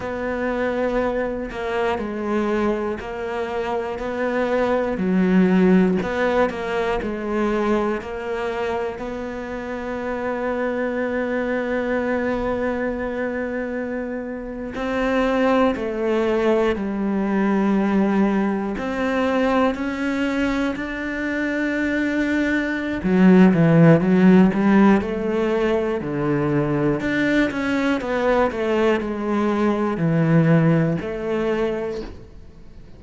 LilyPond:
\new Staff \with { instrumentName = "cello" } { \time 4/4 \tempo 4 = 60 b4. ais8 gis4 ais4 | b4 fis4 b8 ais8 gis4 | ais4 b2.~ | b2~ b8. c'4 a16~ |
a8. g2 c'4 cis'16~ | cis'8. d'2~ d'16 fis8 e8 | fis8 g8 a4 d4 d'8 cis'8 | b8 a8 gis4 e4 a4 | }